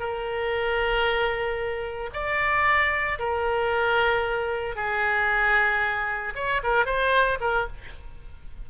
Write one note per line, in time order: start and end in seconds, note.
0.00 2.11 A#4
2.14 3.19 D5
3.19 4.76 A#4
4.76 6.34 G#4
6.35 6.62 C#5
6.64 6.86 A#4
6.86 7.39 C5
7.41 7.67 A#4